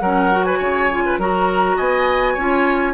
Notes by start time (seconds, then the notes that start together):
0.00 F#3 C#4 A#4 F#5
0.31 F#4
0.44 B4 G#5
0.58 C#3 C#5
0.91 F4
1.06 B4
1.18 F#3 F#4 A#4 A#5
1.76 B3 D#5 G#5
2.33 C#4 F4 C#5